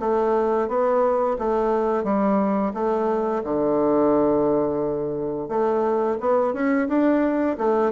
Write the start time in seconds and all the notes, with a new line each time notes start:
0.00 A3
0.68 B3
1.39 A3
2.04 G3
2.74 A3
3.44 D3
5.49 A3
6.20 B3
6.54 C#4
6.88 D4
7.58 A3